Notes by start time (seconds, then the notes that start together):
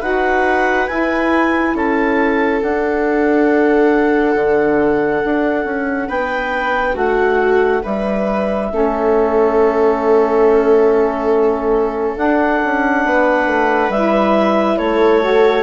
0.00 D#4 F#4 B4 F#5
0.88 E4 G#5
1.75 C#4 A4 A5
2.63 D4 F#5
4.36 D3
5.25 D4
5.65 C#4
6.09 B3 B4 G5
6.94 A3 F#4 F#5
7.84 G3 B4 E5
8.71 A3 C#4 A4
12.17 D4 F#5
12.65 C#4
13.06 B3 B4
13.47 A3
13.90 G3 E4 E5
14.78 A3 A4 C#5
15.22 F#4